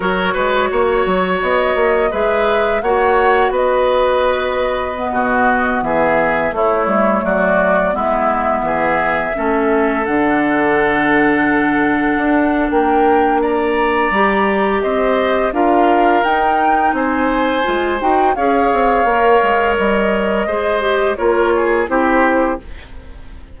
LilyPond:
<<
  \new Staff \with { instrumentName = "flute" } { \time 4/4 \tempo 4 = 85 cis''2 dis''4 e''4 | fis''4 dis''2.~ | dis''16 e''4 cis''4 d''4 e''8.~ | e''2~ e''16 fis''4.~ fis''16~ |
fis''2 g''4 ais''4~ | ais''4 dis''4 f''4 g''4 | gis''4. g''8 f''2 | dis''2 cis''4 c''4 | }
  \new Staff \with { instrumentName = "oboe" } { \time 4/4 ais'8 b'8 cis''2 b'4 | cis''4 b'2~ b'16 fis'8.~ | fis'16 gis'4 e'4 fis'4 e'8.~ | e'16 gis'4 a'2~ a'8.~ |
a'2 ais'4 d''4~ | d''4 c''4 ais'2 | c''2 cis''2~ | cis''4 c''4 ais'8 gis'8 g'4 | }
  \new Staff \with { instrumentName = "clarinet" } { \time 4/4 fis'2. gis'4 | fis'2. b4~ | b4~ b16 a2 b8.~ | b4~ b16 cis'4 d'4.~ d'16~ |
d'1 | g'2 f'4 dis'4~ | dis'4 f'8 fis'8 gis'4 ais'4~ | ais'4 gis'8 g'8 f'4 e'4 | }
  \new Staff \with { instrumentName = "bassoon" } { \time 4/4 fis8 gis8 ais8 fis8 b8 ais8 gis4 | ais4 b2~ b16 b,8.~ | b,16 e4 a8 g8 fis4 gis8.~ | gis16 e4 a4 d4.~ d16~ |
d4~ d16 d'8. ais2 | g4 c'4 d'4 dis'4 | c'4 gis8 dis'8 cis'8 c'8 ais8 gis8 | g4 gis4 ais4 c'4 | }
>>